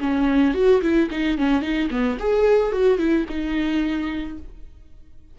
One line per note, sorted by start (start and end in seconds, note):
0.00 0.54 C#4
0.54 0.81 F#4
0.82 1.09 E4
1.11 1.37 D#4
1.37 1.61 C#4
1.61 1.89 D#4
1.90 2.18 B3
2.19 2.72 G#4
2.72 2.98 F#4
2.98 3.25 E4
3.29 4.38 D#4